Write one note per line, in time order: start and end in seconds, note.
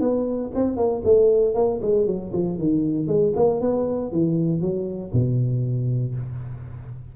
0.00 0.51 B3
0.54 0.76 C4
0.76 1.02 A#3
1.04 1.55 A3
1.55 1.80 A#3
1.82 2.07 G#3
2.07 2.32 F#3
2.32 2.58 F3
2.58 3.07 D#3
3.07 3.33 G#3
3.36 3.61 A#3
3.61 4.12 B3
4.12 4.61 E3
4.61 5.12 F#3
5.12 6.15 B2